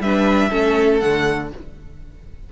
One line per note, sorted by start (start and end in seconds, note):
0.00 0.50 G3
0.00 0.51 D4
0.00 0.50 B4
0.00 1.00 E5
0.50 1.03 A3
0.50 1.01 C#4
0.50 1.50 A4
1.00 1.53 D3
1.00 1.52 A3
1.00 1.50 F#5